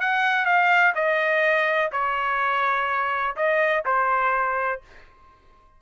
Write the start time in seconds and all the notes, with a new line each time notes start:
0.00 F#5
0.45 F5
0.95 D#5
1.92 C#5
3.36 D#5
3.85 C5